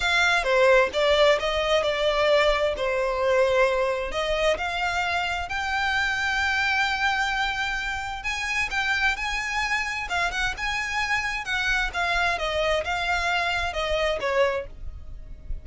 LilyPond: \new Staff \with { instrumentName = "violin" } { \time 4/4 \tempo 4 = 131 f''4 c''4 d''4 dis''4 | d''2 c''2~ | c''4 dis''4 f''2 | g''1~ |
g''2 gis''4 g''4 | gis''2 f''8 fis''8 gis''4~ | gis''4 fis''4 f''4 dis''4 | f''2 dis''4 cis''4 | }